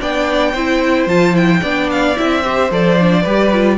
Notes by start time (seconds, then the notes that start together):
0.00 B3 D4 D5 G5
0.53 C4 E4 C5
1.07 F3 F4 A5
1.33 E4 G5
1.61 B3 D4 D5
1.91 F5
2.16 C4 E4 E5
2.44 G4 C5
2.71 F3 A4 D5
3.00 D4
3.23 G3 G4 B4
3.54 F4